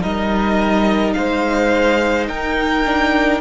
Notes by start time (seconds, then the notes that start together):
0.00 G3 D#4 A#4 D#5
1.13 G#3 C5 F5
2.28 D#4 A#4 G5
2.85 D4